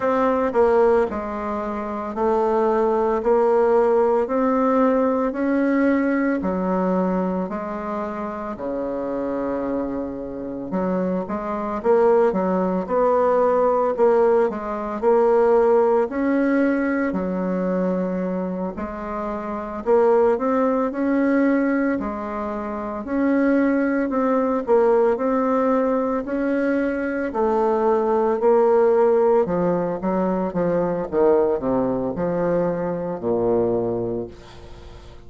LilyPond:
\new Staff \with { instrumentName = "bassoon" } { \time 4/4 \tempo 4 = 56 c'8 ais8 gis4 a4 ais4 | c'4 cis'4 fis4 gis4 | cis2 fis8 gis8 ais8 fis8 | b4 ais8 gis8 ais4 cis'4 |
fis4. gis4 ais8 c'8 cis'8~ | cis'8 gis4 cis'4 c'8 ais8 c'8~ | c'8 cis'4 a4 ais4 f8 | fis8 f8 dis8 c8 f4 ais,4 | }